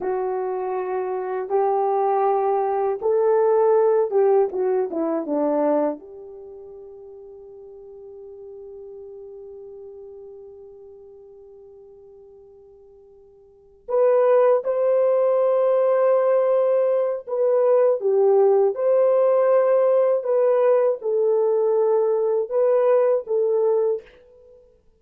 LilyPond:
\new Staff \with { instrumentName = "horn" } { \time 4/4 \tempo 4 = 80 fis'2 g'2 | a'4. g'8 fis'8 e'8 d'4 | g'1~ | g'1~ |
g'2~ g'8 b'4 c''8~ | c''2. b'4 | g'4 c''2 b'4 | a'2 b'4 a'4 | }